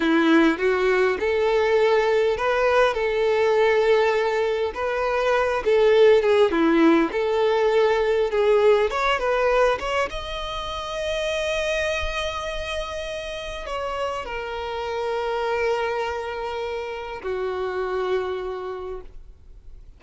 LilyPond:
\new Staff \with { instrumentName = "violin" } { \time 4/4 \tempo 4 = 101 e'4 fis'4 a'2 | b'4 a'2. | b'4. a'4 gis'8 e'4 | a'2 gis'4 cis''8 b'8~ |
b'8 cis''8 dis''2.~ | dis''2. cis''4 | ais'1~ | ais'4 fis'2. | }